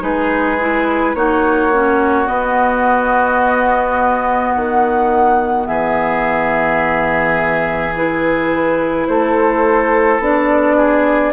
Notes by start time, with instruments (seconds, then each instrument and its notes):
0.00 bassoon G#3, clarinet D#4, oboe G#4, flute B4
0.60 clarinet E4
1.14 bassoon A#3, clarinet D#4, oboe F#4, flute C#5
1.73 clarinet C#4
2.25 clarinet B3, bassoon B3, flute D#5
4.54 bassoon D#3, flute F#5
5.67 bassoon E3, oboe G#4, flute E5
7.96 clarinet E4, flute B4
9.07 bassoon A3, oboe A4, flute C5
10.19 bassoon B3, clarinet D4, flute D5
10.76 oboe G#4